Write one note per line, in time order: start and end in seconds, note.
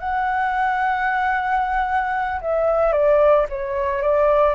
0.00 2.41 F#5
2.42 2.93 E5
2.93 3.47 D5
3.49 4.02 C#5
4.02 4.55 D5